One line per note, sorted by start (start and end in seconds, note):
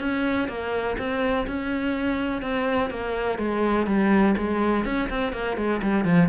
0.00 0.48 C#4
0.49 0.97 A#3
0.99 1.47 C4
1.47 2.42 C#4
2.42 2.91 C4
2.91 3.38 A#3
3.38 3.87 G#3
3.87 4.35 G3
4.38 4.85 G#3
4.85 5.09 C#4
5.10 5.33 C4
5.33 5.57 A#3
5.57 5.81 G#3
5.83 6.05 G3
6.05 6.29 F3